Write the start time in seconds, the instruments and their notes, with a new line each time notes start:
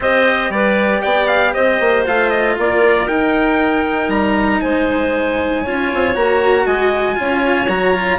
0.00 bassoon C4, cello G4, clarinet C5, trumpet D#5
0.49 bassoon G3, clarinet B4, trumpet D5
1.01 bassoon B3, clarinet D5, trumpet G5
1.27 trumpet F5
1.53 bassoon C4, clarinet C5, trumpet D#5
1.79 bassoon A#3
2.05 bassoon A3, cello F4, trumpet F5
2.29 trumpet D#5
2.58 bassoon A#3, clarinet A#4, trumpet D5
3.07 bassoon D#4, cello D#4, trumpet G5
4.08 bassoon G3, trumpet A#5
4.60 bassoon G#3, clarinet C5, trumpet G#5
5.62 bassoon C#4, cello F4, clarinet C#5
5.94 bassoon C4
6.14 bassoon A#3, cello F#4, trumpet A#5
6.65 bassoon G#3, clarinet D#5, trumpet G#5
7.14 bassoon C#4, cello F4, clarinet C#5
7.68 bassoon F#3, cello F#4, trumpet A#5
7.93 cello F4